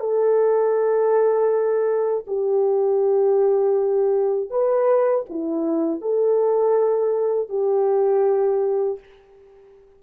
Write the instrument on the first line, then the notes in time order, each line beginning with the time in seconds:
horn
0.00 A4
2.27 G4
4.50 B4
5.29 E4
6.01 A4
7.49 G4